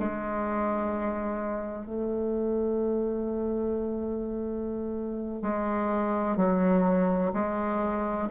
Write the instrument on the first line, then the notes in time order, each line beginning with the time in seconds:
bassoon
0.00 G#3
1.86 A3
5.42 G#3
6.37 F#3
7.34 G#3